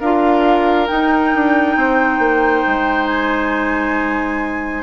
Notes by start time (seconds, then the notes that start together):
0.00 D4 F4 A#4 F5
0.87 D#4 G5
1.35 D4
1.76 C4 C5
2.19 A#3
2.67 G#3
3.07 G#5